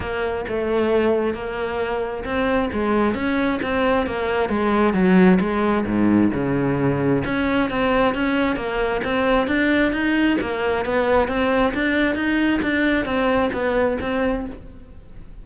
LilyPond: \new Staff \with { instrumentName = "cello" } { \time 4/4 \tempo 4 = 133 ais4 a2 ais4~ | ais4 c'4 gis4 cis'4 | c'4 ais4 gis4 fis4 | gis4 gis,4 cis2 |
cis'4 c'4 cis'4 ais4 | c'4 d'4 dis'4 ais4 | b4 c'4 d'4 dis'4 | d'4 c'4 b4 c'4 | }